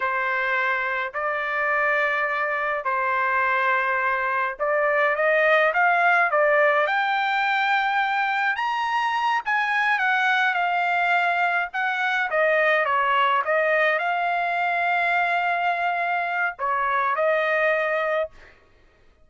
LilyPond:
\new Staff \with { instrumentName = "trumpet" } { \time 4/4 \tempo 4 = 105 c''2 d''2~ | d''4 c''2. | d''4 dis''4 f''4 d''4 | g''2. ais''4~ |
ais''8 gis''4 fis''4 f''4.~ | f''8 fis''4 dis''4 cis''4 dis''8~ | dis''8 f''2.~ f''8~ | f''4 cis''4 dis''2 | }